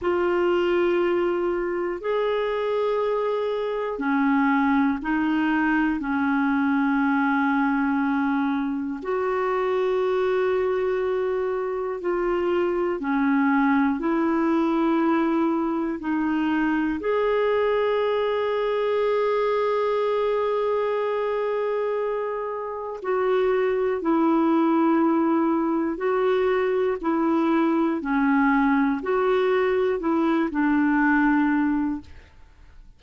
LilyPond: \new Staff \with { instrumentName = "clarinet" } { \time 4/4 \tempo 4 = 60 f'2 gis'2 | cis'4 dis'4 cis'2~ | cis'4 fis'2. | f'4 cis'4 e'2 |
dis'4 gis'2.~ | gis'2. fis'4 | e'2 fis'4 e'4 | cis'4 fis'4 e'8 d'4. | }